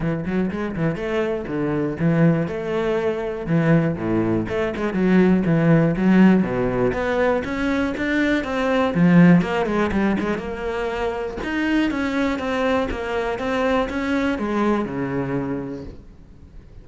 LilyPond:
\new Staff \with { instrumentName = "cello" } { \time 4/4 \tempo 4 = 121 e8 fis8 gis8 e8 a4 d4 | e4 a2 e4 | a,4 a8 gis8 fis4 e4 | fis4 b,4 b4 cis'4 |
d'4 c'4 f4 ais8 gis8 | g8 gis8 ais2 dis'4 | cis'4 c'4 ais4 c'4 | cis'4 gis4 cis2 | }